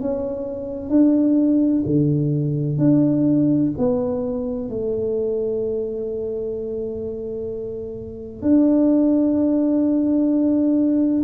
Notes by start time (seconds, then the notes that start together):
0.00 C#4
0.89 D4
1.85 D3
2.78 D4
3.78 B3
4.69 A3
8.42 D4